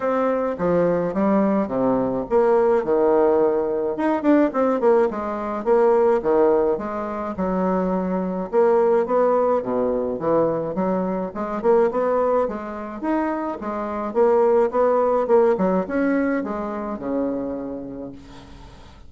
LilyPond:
\new Staff \with { instrumentName = "bassoon" } { \time 4/4 \tempo 4 = 106 c'4 f4 g4 c4 | ais4 dis2 dis'8 d'8 | c'8 ais8 gis4 ais4 dis4 | gis4 fis2 ais4 |
b4 b,4 e4 fis4 | gis8 ais8 b4 gis4 dis'4 | gis4 ais4 b4 ais8 fis8 | cis'4 gis4 cis2 | }